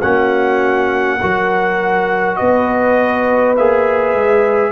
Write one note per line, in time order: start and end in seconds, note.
0.00 1.21 A#3
0.00 1.20 C#4
0.00 1.18 F#4
0.00 2.36 F#5
1.21 2.40 F#3
1.21 3.56 F#4
1.21 2.39 A#4
2.36 3.58 B3
2.36 4.72 B4
2.36 3.54 D#5
3.56 4.14 A#3
3.56 4.72 G#4
3.56 4.72 E5
4.14 4.72 G#3